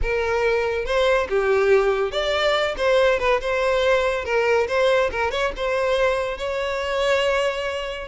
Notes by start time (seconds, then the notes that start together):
0.02 A#4
0.85 C5
1.29 G4
2.11 D5
2.77 C5
3.19 B4
3.40 C5
4.24 A#4
4.67 C5
5.11 A#4
5.31 C#5
5.56 C5
6.37 C#5